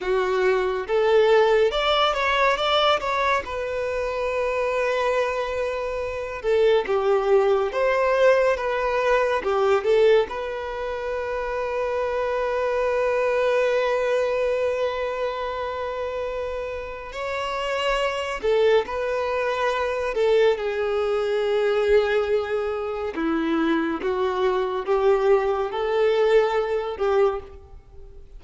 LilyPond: \new Staff \with { instrumentName = "violin" } { \time 4/4 \tempo 4 = 70 fis'4 a'4 d''8 cis''8 d''8 cis''8 | b'2.~ b'8 a'8 | g'4 c''4 b'4 g'8 a'8 | b'1~ |
b'1 | cis''4. a'8 b'4. a'8 | gis'2. e'4 | fis'4 g'4 a'4. g'8 | }